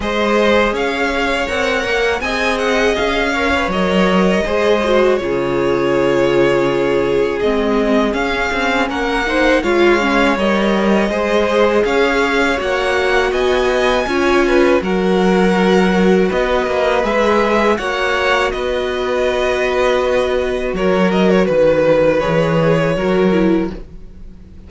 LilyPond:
<<
  \new Staff \with { instrumentName = "violin" } { \time 4/4 \tempo 4 = 81 dis''4 f''4 fis''4 gis''8 fis''8 | f''4 dis''2 cis''4~ | cis''2 dis''4 f''4 | fis''4 f''4 dis''2 |
f''4 fis''4 gis''2 | fis''2 dis''4 e''4 | fis''4 dis''2. | cis''8 dis''16 cis''16 b'4 cis''2 | }
  \new Staff \with { instrumentName = "violin" } { \time 4/4 c''4 cis''2 dis''4~ | dis''8 cis''4. c''4 gis'4~ | gis'1 | ais'8 c''8 cis''2 c''4 |
cis''2 dis''4 cis''8 b'8 | ais'2 b'2 | cis''4 b'2. | ais'4 b'2 ais'4 | }
  \new Staff \with { instrumentName = "viola" } { \time 4/4 gis'2 ais'4 gis'4~ | gis'8 ais'16 b'16 ais'4 gis'8 fis'8 f'4~ | f'2 c'4 cis'4~ | cis'8 dis'8 f'8 cis'8 ais'4 gis'4~ |
gis'4 fis'2 f'4 | fis'2. gis'4 | fis'1~ | fis'2 gis'4 fis'8 e'8 | }
  \new Staff \with { instrumentName = "cello" } { \time 4/4 gis4 cis'4 c'8 ais8 c'4 | cis'4 fis4 gis4 cis4~ | cis2 gis4 cis'8 c'8 | ais4 gis4 g4 gis4 |
cis'4 ais4 b4 cis'4 | fis2 b8 ais8 gis4 | ais4 b2. | fis4 dis4 e4 fis4 | }
>>